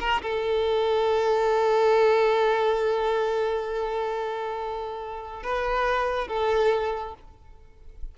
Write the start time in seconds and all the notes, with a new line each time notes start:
0.00 A#4
0.22 A4
5.43 B4
6.28 A4